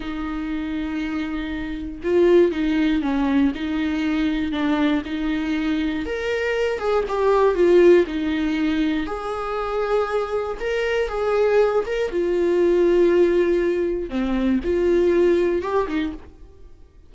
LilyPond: \new Staff \with { instrumentName = "viola" } { \time 4/4 \tempo 4 = 119 dis'1 | f'4 dis'4 cis'4 dis'4~ | dis'4 d'4 dis'2 | ais'4. gis'8 g'4 f'4 |
dis'2 gis'2~ | gis'4 ais'4 gis'4. ais'8 | f'1 | c'4 f'2 g'8 dis'8 | }